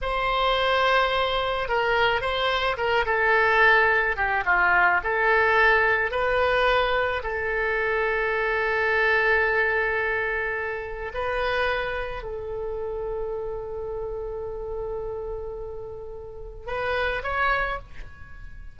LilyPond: \new Staff \with { instrumentName = "oboe" } { \time 4/4 \tempo 4 = 108 c''2. ais'4 | c''4 ais'8 a'2 g'8 | f'4 a'2 b'4~ | b'4 a'2.~ |
a'1 | b'2 a'2~ | a'1~ | a'2 b'4 cis''4 | }